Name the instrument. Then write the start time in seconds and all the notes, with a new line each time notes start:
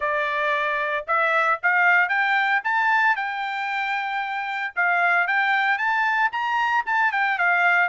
trumpet
0.00 D5
1.07 E5
1.62 F5
2.09 G5
2.64 A5
3.16 G5
4.75 F5
5.27 G5
5.78 A5
6.32 A#5
6.85 A5
7.12 G5
7.38 F5